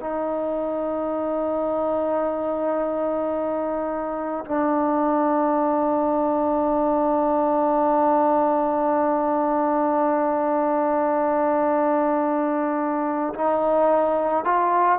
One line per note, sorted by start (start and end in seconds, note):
0.00 4.44 D#4
4.45 13.34 D4
13.34 14.44 D#4
14.44 14.99 F4